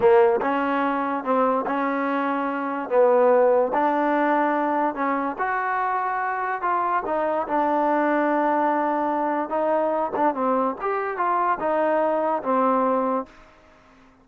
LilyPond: \new Staff \with { instrumentName = "trombone" } { \time 4/4 \tempo 4 = 145 ais4 cis'2 c'4 | cis'2. b4~ | b4 d'2. | cis'4 fis'2. |
f'4 dis'4 d'2~ | d'2. dis'4~ | dis'8 d'8 c'4 g'4 f'4 | dis'2 c'2 | }